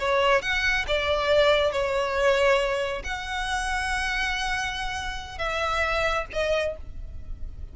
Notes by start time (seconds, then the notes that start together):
0.00 C#5
0.42 F#5
0.88 D5
1.72 C#5
3.04 F#5
5.39 E5
6.33 D#5